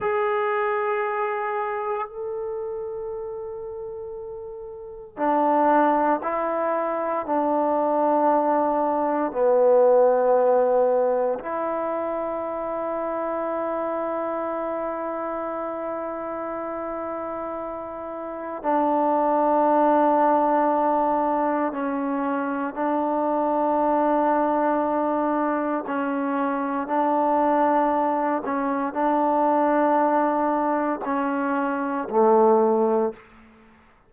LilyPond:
\new Staff \with { instrumentName = "trombone" } { \time 4/4 \tempo 4 = 58 gis'2 a'2~ | a'4 d'4 e'4 d'4~ | d'4 b2 e'4~ | e'1~ |
e'2 d'2~ | d'4 cis'4 d'2~ | d'4 cis'4 d'4. cis'8 | d'2 cis'4 a4 | }